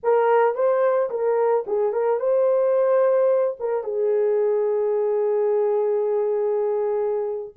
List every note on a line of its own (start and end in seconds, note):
0.03 0.54 A#4
0.54 1.09 C5
1.09 1.64 A#4
1.66 1.92 G#4
1.92 2.19 A#4
2.19 3.57 C5
3.59 3.83 A#4
3.83 7.55 G#4